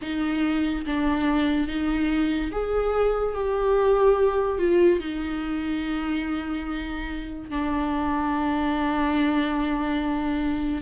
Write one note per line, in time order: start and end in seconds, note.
0.02 0.85 D#4
0.86 1.67 D4
1.67 2.51 D#4
2.51 3.34 G#4
3.34 4.58 G4
4.58 5.00 F4
5.00 7.50 D#4
7.50 10.81 D4